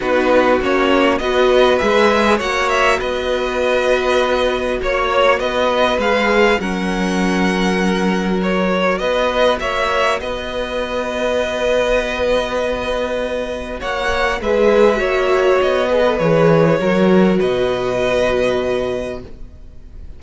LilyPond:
<<
  \new Staff \with { instrumentName = "violin" } { \time 4/4 \tempo 4 = 100 b'4 cis''4 dis''4 e''4 | fis''8 e''8 dis''2. | cis''4 dis''4 f''4 fis''4~ | fis''2 cis''4 dis''4 |
e''4 dis''2.~ | dis''2. fis''4 | e''2 dis''4 cis''4~ | cis''4 dis''2. | }
  \new Staff \with { instrumentName = "violin" } { \time 4/4 fis'2 b'2 | cis''4 b'2. | cis''4 b'2 ais'4~ | ais'2. b'4 |
cis''4 b'2.~ | b'2. cis''4 | b'4 cis''4. b'4. | ais'4 b'2. | }
  \new Staff \with { instrumentName = "viola" } { \time 4/4 dis'4 cis'4 fis'4 gis'4 | fis'1~ | fis'2 gis'4 cis'4~ | cis'2 fis'2~ |
fis'1~ | fis'1 | gis'4 fis'4. gis'16 a'16 gis'4 | fis'1 | }
  \new Staff \with { instrumentName = "cello" } { \time 4/4 b4 ais4 b4 gis4 | ais4 b2. | ais4 b4 gis4 fis4~ | fis2. b4 |
ais4 b2.~ | b2. ais4 | gis4 ais4 b4 e4 | fis4 b,2. | }
>>